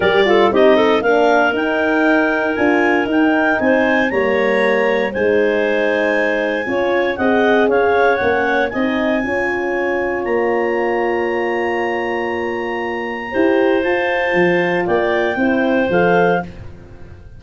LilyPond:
<<
  \new Staff \with { instrumentName = "clarinet" } { \time 4/4 \tempo 4 = 117 d''4 dis''4 f''4 g''4~ | g''4 gis''4 g''4 gis''4 | ais''2 gis''2~ | gis''2 fis''4 f''4 |
fis''4 gis''2. | ais''1~ | ais''2. a''4~ | a''4 g''2 f''4 | }
  \new Staff \with { instrumentName = "clarinet" } { \time 4/4 ais'8 a'8 g'8 a'8 ais'2~ | ais'2. c''4 | cis''2 c''2~ | c''4 cis''4 dis''4 cis''4~ |
cis''4 dis''4 cis''2~ | cis''1~ | cis''2 c''2~ | c''4 d''4 c''2 | }
  \new Staff \with { instrumentName = "horn" } { \time 4/4 g'8 f'8 dis'4 d'4 dis'4~ | dis'4 f'4 dis'2 | ais2 dis'2~ | dis'4 f'4 gis'2 |
cis'4 dis'4 f'2~ | f'1~ | f'2 g'4 f'4~ | f'2 e'4 a'4 | }
  \new Staff \with { instrumentName = "tuba" } { \time 4/4 g4 c'4 ais4 dis'4~ | dis'4 d'4 dis'4 c'4 | g2 gis2~ | gis4 cis'4 c'4 cis'4 |
ais4 c'4 cis'2 | ais1~ | ais2 e'4 f'4 | f4 ais4 c'4 f4 | }
>>